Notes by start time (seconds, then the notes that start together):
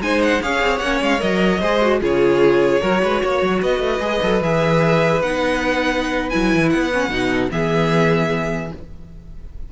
0.00 G#3 D#4 C5 G#5
0.23 F#5
0.42 C#4 G#4 C#5 F5
0.61 C4
0.78 A#3 C#4 F#5
1.01 G#3 F5
1.18 F#3 A#4 D#5
1.60 G#3 G#4 C5
1.81 F#4
2.00 C#3 F4 G#4 C#5
2.81 F#3 F#4 A#4
3.03 G#3 B4
3.22 A#3 C#5
3.42 F#3
3.61 B3 B4 D#5
3.79 A3
4.00 G#3 G#4
4.22 F#3 A4
4.41 E3 G#4 E5
5.21 B3 D#4 F#5
6.29 F#3 E4 G#5
6.54 E3
6.70 B3 F#5
6.93 C#4
7.09 B2 D#4
7.29 A4
7.50 E3 B3 G#4 E5